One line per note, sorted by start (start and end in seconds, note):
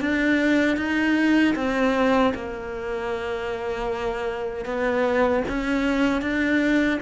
0.00 0.77 D4
0.77 1.55 D#4
1.55 2.33 C4
2.34 4.65 A#3
4.65 5.43 B3
5.48 6.21 C#4
6.21 6.99 D4